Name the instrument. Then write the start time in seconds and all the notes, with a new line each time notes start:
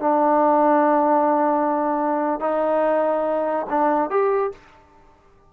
trombone
0.00 D4
2.41 D#4
3.70 D4
4.10 G4